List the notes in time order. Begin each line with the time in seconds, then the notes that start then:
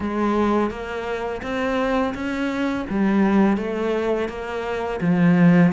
0.00 G#3
0.70 A#3
1.42 C4
2.14 C#4
2.89 G3
3.57 A3
4.28 A#3
5.01 F3